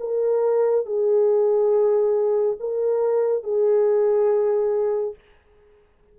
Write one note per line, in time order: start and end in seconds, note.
0.00 0.86 A#4
0.86 2.57 G#4
2.59 3.44 A#4
3.44 5.15 G#4